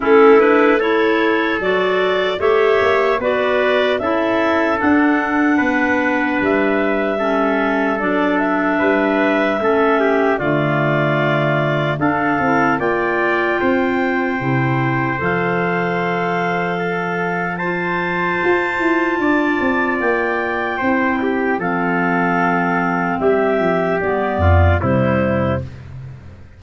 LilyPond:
<<
  \new Staff \with { instrumentName = "clarinet" } { \time 4/4 \tempo 4 = 75 a'8 b'8 cis''4 d''4 e''4 | d''4 e''4 fis''2 | e''2 d''8 e''4.~ | e''4 d''2 f''4 |
g''2. f''4~ | f''2 a''2~ | a''4 g''2 f''4~ | f''4 e''4 d''4 c''4 | }
  \new Staff \with { instrumentName = "trumpet" } { \time 4/4 e'4 a'2 cis''4 | b'4 a'2 b'4~ | b'4 a'2 b'4 | a'8 g'8 f'2 a'4 |
d''4 c''2.~ | c''4 a'4 c''2 | d''2 c''8 g'8 a'4~ | a'4 g'4. f'8 e'4 | }
  \new Staff \with { instrumentName = "clarinet" } { \time 4/4 cis'8 d'8 e'4 fis'4 g'4 | fis'4 e'4 d'2~ | d'4 cis'4 d'2 | cis'4 a2 d'8 e'8 |
f'2 e'4 a'4~ | a'2 f'2~ | f'2 e'4 c'4~ | c'2 b4 g4 | }
  \new Staff \with { instrumentName = "tuba" } { \time 4/4 a2 fis4 a8 ais8 | b4 cis'4 d'4 b4 | g2 fis4 g4 | a4 d2 d'8 c'8 |
ais4 c'4 c4 f4~ | f2. f'8 e'8 | d'8 c'8 ais4 c'4 f4~ | f4 g8 f8 g8 f,8 c4 | }
>>